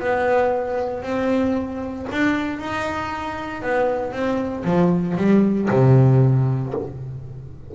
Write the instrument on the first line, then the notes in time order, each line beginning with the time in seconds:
double bass
0.00 B3
1.03 C4
2.12 D4
2.59 D#4
3.62 B3
4.13 C4
4.65 F3
5.17 G3
5.71 C3